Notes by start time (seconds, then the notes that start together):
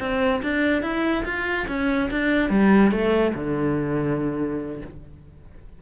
0.00 C4
0.43 D4
0.82 E4
1.25 F4
1.68 C#4
2.11 D4
2.50 G3
2.91 A3
3.35 D3